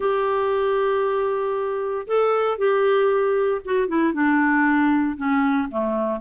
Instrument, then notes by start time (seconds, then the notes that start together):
clarinet
0.00 G4
2.07 A4
2.57 G4
3.65 F#4
3.87 E4
4.13 D4
5.16 C#4
5.70 A3